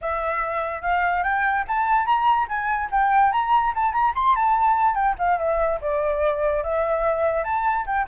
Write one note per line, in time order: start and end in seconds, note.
0.01 0.81 E5
0.81 1.23 F5
1.23 1.64 G5
1.67 2.06 A5
2.06 2.47 A#5
2.48 2.89 G#5
2.91 3.31 G5
3.31 3.73 A#5
3.74 3.93 A5
3.93 4.13 A#5
4.15 4.35 C6
4.35 4.94 A5
4.94 5.15 G5
5.18 5.38 F5
5.38 5.79 E5
5.81 6.63 D5
6.63 7.44 E5
7.44 7.85 A5
7.86 8.07 G5